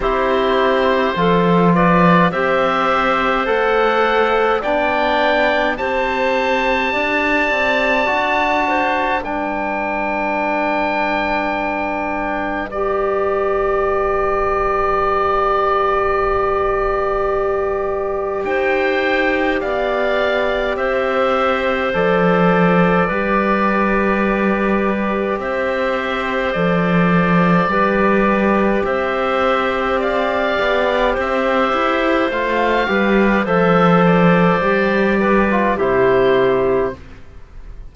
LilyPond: <<
  \new Staff \with { instrumentName = "oboe" } { \time 4/4 \tempo 4 = 52 c''4. d''8 e''4 fis''4 | g''4 a''2. | g''2. d''4~ | d''1 |
g''4 f''4 e''4 d''4~ | d''2 e''4 d''4~ | d''4 e''4 f''4 e''4 | f''4 e''8 d''4. c''4 | }
  \new Staff \with { instrumentName = "clarinet" } { \time 4/4 g'4 a'8 b'8 c''2 | d''4 c''4 d''4. c''8 | b'1~ | b'1 |
c''4 d''4 c''2 | b'2 c''2 | b'4 c''4 d''4 c''4~ | c''8 b'8 c''4. b'8 g'4 | }
  \new Staff \with { instrumentName = "trombone" } { \time 4/4 e'4 f'4 g'4 a'4 | d'4 g'2 fis'4 | d'2. g'4~ | g'1~ |
g'2. a'4 | g'2. a'4 | g'1 | f'8 g'8 a'4 g'8. f'16 e'4 | }
  \new Staff \with { instrumentName = "cello" } { \time 4/4 c'4 f4 c'4 a4 | b4 c'4 d'8 c'8 d'4 | g1~ | g1 |
dis'4 b4 c'4 f4 | g2 c'4 f4 | g4 c'4. b8 c'8 e'8 | a8 g8 f4 g4 c4 | }
>>